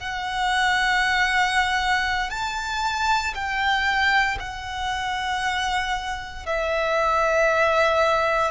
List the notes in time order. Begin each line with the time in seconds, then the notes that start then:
0.00 F#5
2.31 A5
3.35 G5
4.40 F#5
6.47 E5